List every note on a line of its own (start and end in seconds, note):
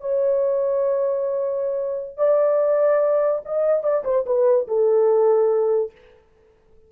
0.00 2.17 C#5
2.17 3.41 D5
3.45 3.83 D#5
3.83 4.03 D5
4.04 4.25 C5
4.26 4.67 B4
4.67 5.91 A4